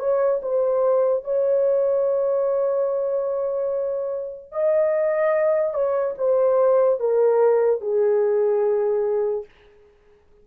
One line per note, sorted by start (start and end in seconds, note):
0.00 0.41 C#5
0.43 1.24 C5
1.24 4.52 C#5
4.52 5.74 D#5
5.74 6.15 C#5
6.18 7.00 C5
7.00 7.81 A#4
7.81 9.46 G#4